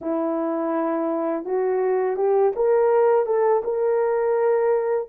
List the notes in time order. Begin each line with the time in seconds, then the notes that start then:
0.01 E4
1.44 F#4
2.16 G4
2.55 A#4
3.26 A4
3.63 A#4